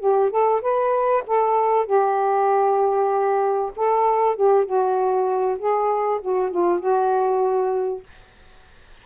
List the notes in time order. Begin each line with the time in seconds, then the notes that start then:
0.00 G4
0.31 A4
0.62 B4
1.27 A4
1.86 G4
3.76 A4
4.36 G4
4.66 F#4
5.59 G#4
6.22 F#4
6.51 F4
6.80 F#4